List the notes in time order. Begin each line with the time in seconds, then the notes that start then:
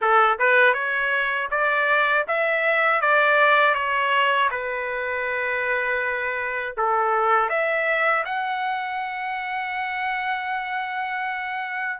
0.01 A4
0.39 B4
0.73 C#5
1.50 D5
2.27 E5
3.01 D5
3.74 C#5
4.50 B4
6.77 A4
7.49 E5
8.25 F#5